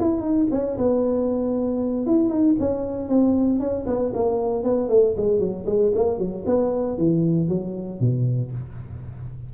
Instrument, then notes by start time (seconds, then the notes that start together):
tuba
0.00 E4
0.21 D#4
0.52 C#4
0.78 B3
2.07 E4
2.30 D#4
2.60 C#4
3.09 C4
3.60 C#4
3.87 B3
4.14 A#3
4.64 B3
4.89 A3
5.17 G#3
5.40 F#3
5.67 G#3
5.95 A#3
6.19 F#3
6.47 B3
6.98 E3
7.49 F#3
8.00 B2